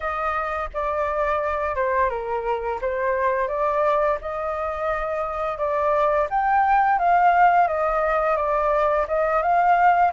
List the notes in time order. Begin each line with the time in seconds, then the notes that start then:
0.00 D#5
0.73 D5
1.75 C5
2.09 A#4
2.81 C5
3.48 D5
4.21 D#5
5.58 D5
6.30 G5
6.98 F5
7.67 D#5
8.36 D5
9.07 D#5
9.42 F5